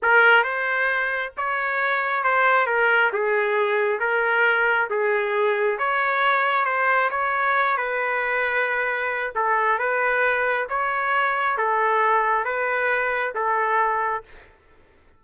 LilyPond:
\new Staff \with { instrumentName = "trumpet" } { \time 4/4 \tempo 4 = 135 ais'4 c''2 cis''4~ | cis''4 c''4 ais'4 gis'4~ | gis'4 ais'2 gis'4~ | gis'4 cis''2 c''4 |
cis''4. b'2~ b'8~ | b'4 a'4 b'2 | cis''2 a'2 | b'2 a'2 | }